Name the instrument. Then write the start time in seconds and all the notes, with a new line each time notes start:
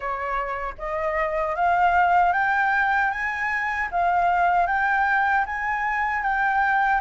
flute
0.00 C#5
0.78 D#5
1.55 F5
2.32 G5
3.11 G#5
3.91 F5
4.66 G5
5.45 G#5
6.22 G5